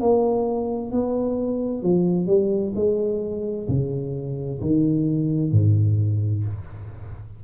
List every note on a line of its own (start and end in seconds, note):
0.00 0.91 A#3
0.91 1.83 B3
1.83 2.27 F3
2.27 2.73 G3
2.76 3.68 G#3
3.68 4.61 C#3
4.61 5.52 D#3
5.52 6.44 G#2